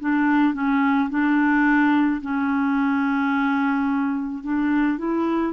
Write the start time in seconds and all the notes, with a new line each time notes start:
0.00 D4
0.54 C#4
1.10 D4
2.21 C#4
4.43 D4
4.98 E4